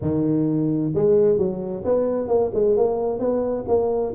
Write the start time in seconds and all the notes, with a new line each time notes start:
0.01 D#3
0.95 G#3
1.37 F#3
1.84 B3
2.28 A#3
2.53 G#3
2.76 A#3
3.19 B3
3.67 A#3